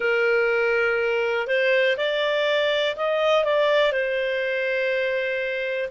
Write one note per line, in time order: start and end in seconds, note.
0.00 1.47 A#4
1.47 1.96 C5
1.97 2.95 D5
2.96 3.44 D#5
3.44 3.92 D5
3.92 5.89 C5